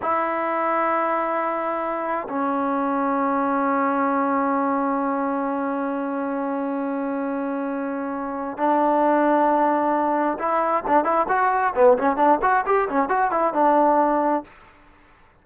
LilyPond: \new Staff \with { instrumentName = "trombone" } { \time 4/4 \tempo 4 = 133 e'1~ | e'4 cis'2.~ | cis'1~ | cis'1~ |
cis'2. d'4~ | d'2. e'4 | d'8 e'8 fis'4 b8 cis'8 d'8 fis'8 | g'8 cis'8 fis'8 e'8 d'2 | }